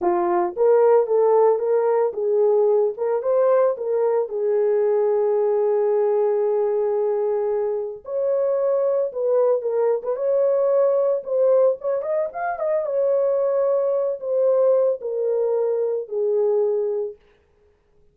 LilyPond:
\new Staff \with { instrumentName = "horn" } { \time 4/4 \tempo 4 = 112 f'4 ais'4 a'4 ais'4 | gis'4. ais'8 c''4 ais'4 | gis'1~ | gis'2. cis''4~ |
cis''4 b'4 ais'8. b'16 cis''4~ | cis''4 c''4 cis''8 dis''8 f''8 dis''8 | cis''2~ cis''8 c''4. | ais'2 gis'2 | }